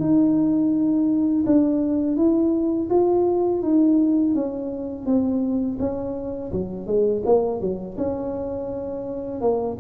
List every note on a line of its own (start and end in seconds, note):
0.00 1.45 D#4
1.46 2.17 D4
2.17 2.89 E4
2.90 3.62 F4
3.62 4.35 D#4
4.35 5.06 C#4
5.06 5.78 C4
5.80 6.52 C#4
6.53 6.86 F#3
6.86 7.23 G#3
7.25 7.61 A#3
7.61 7.97 F#3
7.97 9.41 C#4
9.41 9.77 A#3